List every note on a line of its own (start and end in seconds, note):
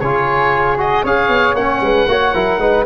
0.00 1.03 C#3
0.00 0.77 F4
0.00 1.03 G#4
0.00 0.78 C#5
0.77 1.03 F#4
0.77 1.05 D#5
1.03 1.28 C#4
1.03 1.57 G#4
1.03 1.81 C#5
1.03 1.55 F5
1.28 1.54 B3
1.54 1.80 A#3
1.54 2.08 C#4
1.54 2.85 F#5
1.81 2.07 G#3
1.81 2.09 B4
2.08 2.33 A#3
2.08 2.34 F#4
2.08 2.34 C#5
2.34 2.58 F#3
2.34 2.60 E4
2.34 2.60 A#4
2.58 2.84 G#3
2.58 2.85 D#4
2.58 2.85 B4